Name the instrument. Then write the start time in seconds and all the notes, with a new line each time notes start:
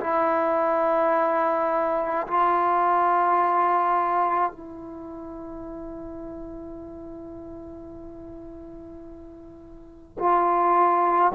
trombone
0.00 E4
2.27 F4
4.51 E4
10.18 F4